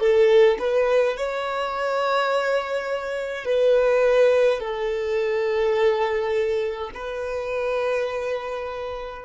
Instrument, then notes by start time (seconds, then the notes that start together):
violin
0.00 A4
0.59 B4
1.17 C#5
3.45 B4
4.60 A4
6.94 B4